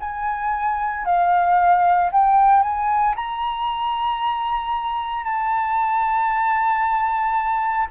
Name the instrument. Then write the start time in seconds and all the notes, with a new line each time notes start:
flute
0.00 G#5
1.05 F5
2.12 G5
2.62 G#5
3.16 A#5
5.24 A5